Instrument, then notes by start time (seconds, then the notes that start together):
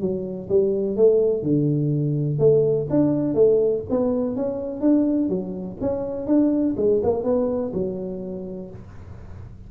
tuba
0.00 F#3
0.49 G3
0.96 A3
1.42 D3
2.39 A3
2.90 D4
3.34 A3
3.90 B3
4.36 C#4
4.81 D4
5.29 F#3
5.81 C#4
6.26 D4
6.77 G#3
7.03 A#3
7.23 B3
7.73 F#3